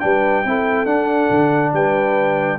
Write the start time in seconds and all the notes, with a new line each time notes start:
0.00 G3 D4 B4 G5
0.45 C4 E4 A4
0.86 D4 F#5
1.30 D3
1.73 G3 B4 G5